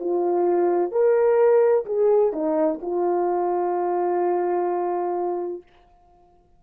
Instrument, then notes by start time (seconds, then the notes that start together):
horn
0.00 F4
0.92 A#4
1.86 G#4
2.33 D#4
2.82 F4